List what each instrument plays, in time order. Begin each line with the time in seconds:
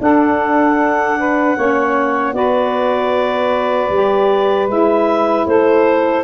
0.00 saxophone D4 A4, tuba D4, clarinet F#5
1.19 saxophone B4
1.57 tuba A#3, saxophone C#4 C#5
2.33 tuba B3, saxophone F#4 B4, clarinet D5
3.90 tuba G3, saxophone G4
4.68 tuba G#3, saxophone E4, clarinet E5
5.47 tuba A3, saxophone A4, clarinet C5